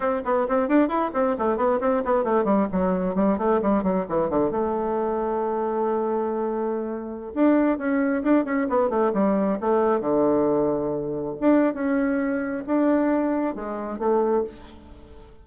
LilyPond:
\new Staff \with { instrumentName = "bassoon" } { \time 4/4 \tempo 4 = 133 c'8 b8 c'8 d'8 e'8 c'8 a8 b8 | c'8 b8 a8 g8 fis4 g8 a8 | g8 fis8 e8 d8 a2~ | a1~ |
a16 d'4 cis'4 d'8 cis'8 b8 a16~ | a16 g4 a4 d4.~ d16~ | d4~ d16 d'8. cis'2 | d'2 gis4 a4 | }